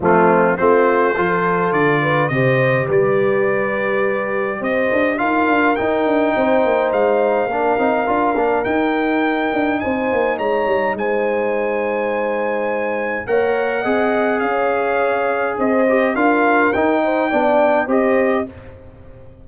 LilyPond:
<<
  \new Staff \with { instrumentName = "trumpet" } { \time 4/4 \tempo 4 = 104 f'4 c''2 d''4 | dis''4 d''2. | dis''4 f''4 g''2 | f''2. g''4~ |
g''4 gis''4 ais''4 gis''4~ | gis''2. fis''4~ | fis''4 f''2 dis''4 | f''4 g''2 dis''4 | }
  \new Staff \with { instrumentName = "horn" } { \time 4/4 c'4 f'4 a'4. b'8 | c''4 b'2. | c''4 ais'2 c''4~ | c''4 ais'2.~ |
ais'4 c''4 cis''4 c''4~ | c''2. cis''4 | dis''4 cis''2 c''4 | ais'4. c''8 d''4 c''4 | }
  \new Staff \with { instrumentName = "trombone" } { \time 4/4 a4 c'4 f'2 | g'1~ | g'4 f'4 dis'2~ | dis'4 d'8 dis'8 f'8 d'8 dis'4~ |
dis'1~ | dis'2. ais'4 | gis'2.~ gis'8 g'8 | f'4 dis'4 d'4 g'4 | }
  \new Staff \with { instrumentName = "tuba" } { \time 4/4 f4 a4 f4 d4 | c4 g2. | c'8 d'8 dis'8 d'8 dis'8 d'8 c'8 ais8 | gis4 ais8 c'8 d'8 ais8 dis'4~ |
dis'8 d'8 c'8 ais8 gis8 g8 gis4~ | gis2. ais4 | c'4 cis'2 c'4 | d'4 dis'4 b4 c'4 | }
>>